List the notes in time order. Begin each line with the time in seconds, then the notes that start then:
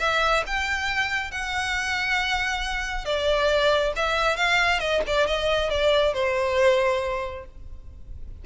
0.00 E5
0.47 G5
1.31 F#5
3.05 D5
3.96 E5
4.37 F5
4.80 D#5
5.07 D5
5.27 D#5
5.70 D5
6.14 C5